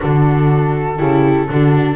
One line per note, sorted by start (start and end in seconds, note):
0.00 1.00 D3
0.00 0.96 D4
0.00 0.97 F#4
0.00 1.95 A4
0.97 1.49 C#3
0.97 1.47 E4
0.97 1.47 G4
1.50 1.95 D3
1.50 1.95 D4
1.50 1.95 F#4